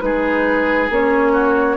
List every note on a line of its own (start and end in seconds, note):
0.00 0.89 G#3
0.00 0.88 D#4
0.00 1.32 G#4
0.00 0.88 B4
0.89 1.76 A#3
0.89 1.76 C#4
0.89 1.76 C#5
1.32 1.76 F#4